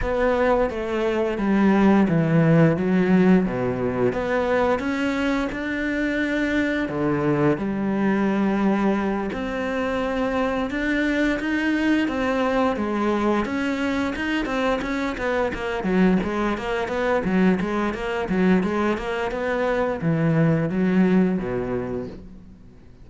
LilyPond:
\new Staff \with { instrumentName = "cello" } { \time 4/4 \tempo 4 = 87 b4 a4 g4 e4 | fis4 b,4 b4 cis'4 | d'2 d4 g4~ | g4. c'2 d'8~ |
d'8 dis'4 c'4 gis4 cis'8~ | cis'8 dis'8 c'8 cis'8 b8 ais8 fis8 gis8 | ais8 b8 fis8 gis8 ais8 fis8 gis8 ais8 | b4 e4 fis4 b,4 | }